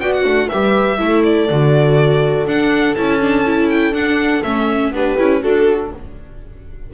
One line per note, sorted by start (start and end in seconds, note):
0.00 0.25 B3
0.00 0.49 F#4
0.00 0.24 D5
0.00 0.13 G5
0.14 0.49 F#5
0.24 0.49 A3
0.24 0.49 D4
0.49 1.00 G3
0.49 0.98 G4
0.49 0.98 B4
0.49 1.23 E5
0.98 1.50 A3
0.98 1.48 E4
0.98 4.92 A4
1.24 2.47 D5
1.50 2.47 D3
1.50 2.47 F#4
2.47 2.96 D4
2.47 2.95 F#5
2.95 3.91 C#4
2.95 3.21 E4
2.95 3.69 A5
3.21 3.45 D4
3.45 3.93 E4
3.70 3.94 G5
3.91 4.41 D4
3.91 4.42 D4
3.91 4.43 F#5
4.43 4.92 A3
4.43 4.93 C#4
4.43 4.92 E5
4.92 5.16 B3
4.92 5.18 D4
4.92 5.43 G4
4.92 5.43 B4
5.18 5.44 C#4
5.18 5.41 E4
5.41 5.93 D4
5.41 5.90 F#4
5.41 5.93 F#4
5.41 5.92 A4